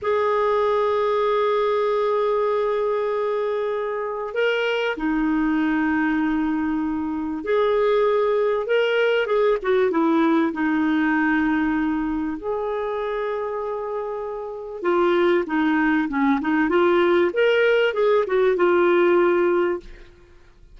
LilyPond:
\new Staff \with { instrumentName = "clarinet" } { \time 4/4 \tempo 4 = 97 gis'1~ | gis'2. ais'4 | dis'1 | gis'2 ais'4 gis'8 fis'8 |
e'4 dis'2. | gis'1 | f'4 dis'4 cis'8 dis'8 f'4 | ais'4 gis'8 fis'8 f'2 | }